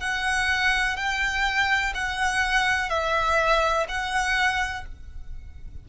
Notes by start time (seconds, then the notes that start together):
0.00 F#5
0.96 G5
1.94 F#5
2.89 E5
3.88 F#5